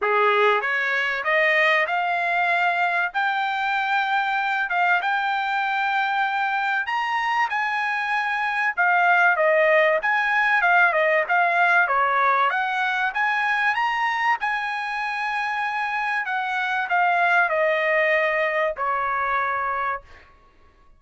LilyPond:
\new Staff \with { instrumentName = "trumpet" } { \time 4/4 \tempo 4 = 96 gis'4 cis''4 dis''4 f''4~ | f''4 g''2~ g''8 f''8 | g''2. ais''4 | gis''2 f''4 dis''4 |
gis''4 f''8 dis''8 f''4 cis''4 | fis''4 gis''4 ais''4 gis''4~ | gis''2 fis''4 f''4 | dis''2 cis''2 | }